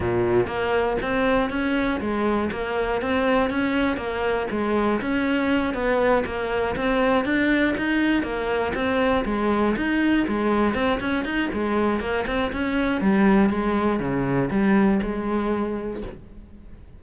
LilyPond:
\new Staff \with { instrumentName = "cello" } { \time 4/4 \tempo 4 = 120 ais,4 ais4 c'4 cis'4 | gis4 ais4 c'4 cis'4 | ais4 gis4 cis'4. b8~ | b8 ais4 c'4 d'4 dis'8~ |
dis'8 ais4 c'4 gis4 dis'8~ | dis'8 gis4 c'8 cis'8 dis'8 gis4 | ais8 c'8 cis'4 g4 gis4 | cis4 g4 gis2 | }